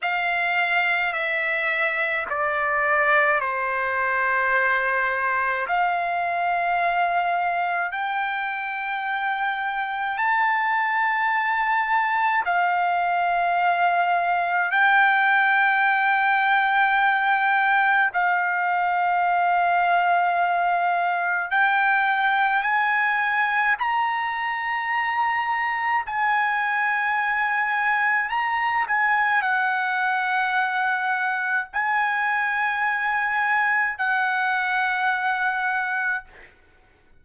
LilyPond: \new Staff \with { instrumentName = "trumpet" } { \time 4/4 \tempo 4 = 53 f''4 e''4 d''4 c''4~ | c''4 f''2 g''4~ | g''4 a''2 f''4~ | f''4 g''2. |
f''2. g''4 | gis''4 ais''2 gis''4~ | gis''4 ais''8 gis''8 fis''2 | gis''2 fis''2 | }